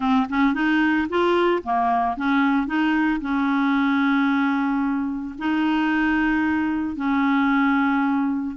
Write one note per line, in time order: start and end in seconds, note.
0.00 0.27 C4
0.29 0.54 C#4
0.54 1.07 D#4
1.09 1.62 F4
1.63 2.16 A#3
2.16 2.66 C#4
2.66 3.20 D#4
3.20 5.35 C#4
5.38 6.95 D#4
6.95 8.56 C#4